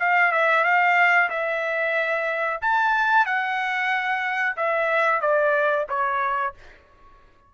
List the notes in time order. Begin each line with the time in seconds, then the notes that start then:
0.00 F5
0.32 E5
0.64 F5
1.30 E5
2.62 A5
3.26 F#5
4.57 E5
5.21 D5
5.89 C#5